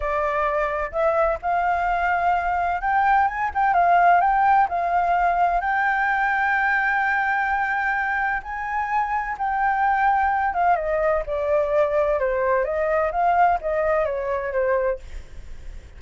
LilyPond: \new Staff \with { instrumentName = "flute" } { \time 4/4 \tempo 4 = 128 d''2 e''4 f''4~ | f''2 g''4 gis''8 g''8 | f''4 g''4 f''2 | g''1~ |
g''2 gis''2 | g''2~ g''8 f''8 dis''4 | d''2 c''4 dis''4 | f''4 dis''4 cis''4 c''4 | }